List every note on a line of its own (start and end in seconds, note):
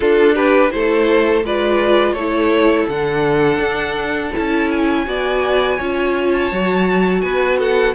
0.00 0.72 D4
0.00 0.70 D4
0.00 0.34 F4
0.00 0.35 A4
0.34 0.70 G4
0.34 0.71 B4
0.70 1.43 A3
0.70 1.42 E4
0.70 1.45 A4
0.70 1.43 C5
1.43 2.13 G#3
1.43 2.17 F4
1.43 2.14 B4
1.43 2.13 D5
2.13 2.85 A3
2.13 2.91 E4
2.13 5.03 A4
2.13 2.85 C#5
2.88 3.58 D3
2.88 4.34 D4
2.88 4.34 F#5
3.58 4.30 D4
4.34 5.06 C#4
4.34 5.05 E4
4.34 4.70 A5
4.70 6.33 G#5
5.05 5.79 B3
5.05 5.77 F#4
5.05 5.76 D5
5.76 6.51 C#4
5.76 6.52 F4
5.76 7.20 C#5
6.33 7.21 A5
6.51 7.22 F#3
6.51 7.94 F#4
7.21 7.94 B3
7.21 7.58 B4
7.21 7.57 G#5
7.58 7.94 A4
7.58 7.94 F#5